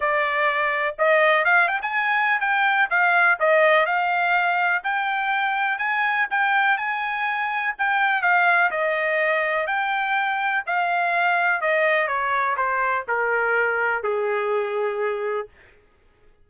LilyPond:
\new Staff \with { instrumentName = "trumpet" } { \time 4/4 \tempo 4 = 124 d''2 dis''4 f''8 g''16 gis''16~ | gis''4 g''4 f''4 dis''4 | f''2 g''2 | gis''4 g''4 gis''2 |
g''4 f''4 dis''2 | g''2 f''2 | dis''4 cis''4 c''4 ais'4~ | ais'4 gis'2. | }